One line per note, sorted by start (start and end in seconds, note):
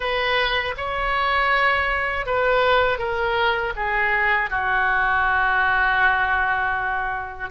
0.00 0.75 B4
0.77 2.26 C#5
2.26 2.98 B4
2.98 3.73 A#4
3.76 4.50 G#4
4.50 7.50 F#4